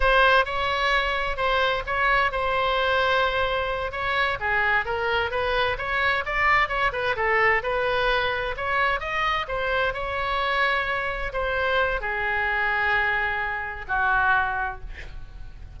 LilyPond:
\new Staff \with { instrumentName = "oboe" } { \time 4/4 \tempo 4 = 130 c''4 cis''2 c''4 | cis''4 c''2.~ | c''8 cis''4 gis'4 ais'4 b'8~ | b'8 cis''4 d''4 cis''8 b'8 a'8~ |
a'8 b'2 cis''4 dis''8~ | dis''8 c''4 cis''2~ cis''8~ | cis''8 c''4. gis'2~ | gis'2 fis'2 | }